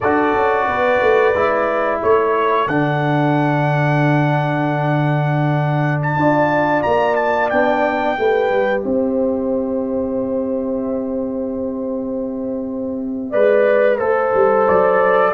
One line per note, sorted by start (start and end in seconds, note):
0.00 0.34 D4
0.00 1.35 F#4
0.00 0.67 A4
0.00 2.00 D5
0.34 0.67 C#4
0.67 1.00 B3
0.67 2.01 B4
1.01 1.34 A3
1.34 2.00 G#3
1.34 2.68 E4
2.01 2.67 A3
2.01 6.18 A4
2.01 2.68 C#5
2.67 6.16 D3
2.67 6.18 D4
2.67 6.01 F#5
6.02 6.82 A5
6.16 6.83 D4
6.16 7.51 F4
6.16 8.18 D5
6.82 7.52 A#3
6.82 7.15 A#5
7.15 7.49 A5
7.49 8.18 B3
7.49 8.16 D4
7.49 8.81 G5
8.16 8.50 A3
8.16 13.32 G4
8.16 8.85 B4
8.50 8.83 G3
8.81 13.33 C4
8.81 13.30 C5
8.81 14.64 E5
13.30 13.99 G#3
13.30 13.98 B4
13.30 13.96 D5
13.98 14.33 A3
13.98 15.32 A4
13.98 15.32 C5
14.34 14.67 G3
14.67 15.33 F#3
14.67 15.33 D5